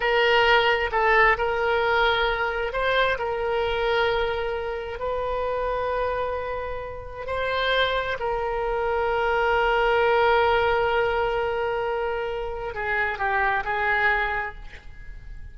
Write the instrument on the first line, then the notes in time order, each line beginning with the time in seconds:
oboe
0.00 A#4
0.91 A4
1.37 A#4
2.72 C5
3.18 A#4
4.99 B4
7.26 C5
8.19 A#4
12.74 G#4
13.18 G4
13.64 G#4